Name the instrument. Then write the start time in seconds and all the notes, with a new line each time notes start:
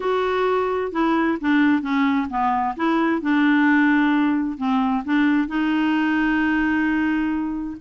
clarinet
0.00 F#4
0.92 E4
1.40 D4
1.82 C#4
2.29 B3
2.76 E4
3.21 D4
4.57 C4
5.04 D4
5.48 D#4